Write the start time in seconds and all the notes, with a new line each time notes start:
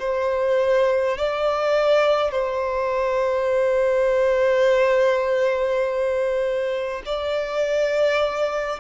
0.00 C5
1.18 D5
2.32 C5
7.06 D5